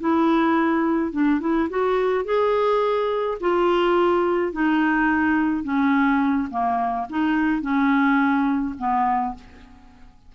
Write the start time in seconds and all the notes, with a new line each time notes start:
0.00 E4
1.12 D4
1.40 E4
1.70 F#4
2.25 G#4
3.40 F4
4.52 D#4
5.64 C#4
6.50 A#3
7.10 D#4
7.62 C#4
8.78 B3